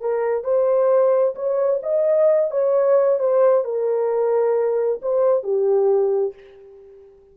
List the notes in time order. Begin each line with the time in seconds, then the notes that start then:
0.00 A#4
0.44 C5
1.35 C#5
1.83 D#5
2.50 C#5
3.19 C5
3.64 A#4
5.01 C5
5.43 G4